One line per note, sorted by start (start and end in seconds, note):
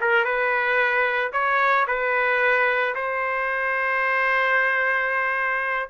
0.00 0.24 A#4
0.24 1.31 B4
1.32 1.86 C#5
1.87 2.94 B4
2.94 5.89 C5